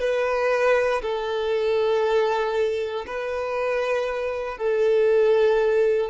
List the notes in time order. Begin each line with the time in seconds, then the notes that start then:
0.00 B4
1.02 A4
3.06 B4
4.58 A4